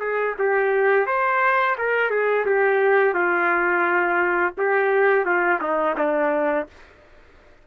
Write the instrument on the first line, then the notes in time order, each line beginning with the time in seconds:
trumpet
0.00 G#4
0.39 G4
1.06 C5
1.78 A#4
2.11 G#4
2.45 G4
3.14 F4
4.58 G4
5.25 F4
5.61 D#4
5.97 D4